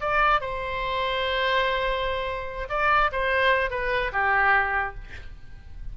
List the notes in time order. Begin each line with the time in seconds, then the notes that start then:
0.00 D5
0.40 C5
2.69 D5
3.11 C5
3.70 B4
4.12 G4